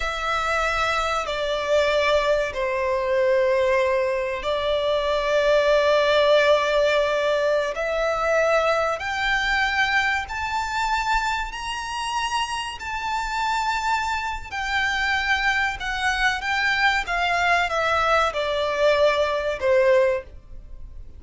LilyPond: \new Staff \with { instrumentName = "violin" } { \time 4/4 \tempo 4 = 95 e''2 d''2 | c''2. d''4~ | d''1~ | d''16 e''2 g''4.~ g''16~ |
g''16 a''2 ais''4.~ ais''16~ | ais''16 a''2~ a''8. g''4~ | g''4 fis''4 g''4 f''4 | e''4 d''2 c''4 | }